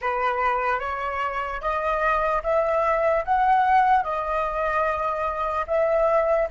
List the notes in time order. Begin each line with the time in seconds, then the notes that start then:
0.01 B4
0.79 C#5
1.61 D#5
2.43 E5
3.24 F#5
4.03 D#5
5.67 E5